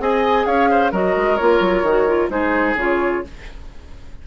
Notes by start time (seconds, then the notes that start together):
0.00 C4 G#4 D#5 G#5
0.46 C#4 C#5 F5
0.71 C5
0.92 F#3 F#4 A#4 D#5
1.17 G#3
1.37 A#3 F4 C#5
1.60 F#3
1.83 D#3 F#4
2.08 F4
2.30 G#3 D#4 G#4 C5
2.75 C#3 F4 C#5